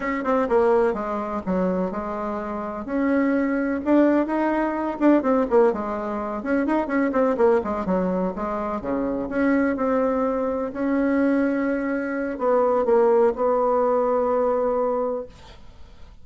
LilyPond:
\new Staff \with { instrumentName = "bassoon" } { \time 4/4 \tempo 4 = 126 cis'8 c'8 ais4 gis4 fis4 | gis2 cis'2 | d'4 dis'4. d'8 c'8 ais8 | gis4. cis'8 dis'8 cis'8 c'8 ais8 |
gis8 fis4 gis4 cis4 cis'8~ | cis'8 c'2 cis'4.~ | cis'2 b4 ais4 | b1 | }